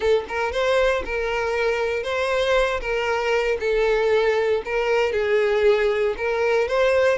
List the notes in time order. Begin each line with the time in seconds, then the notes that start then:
0.00 A4
0.28 A#4
0.52 C5
1.05 A#4
2.03 C5
2.80 A#4
3.59 A4
4.65 A#4
5.12 G#4
6.17 A#4
6.68 C5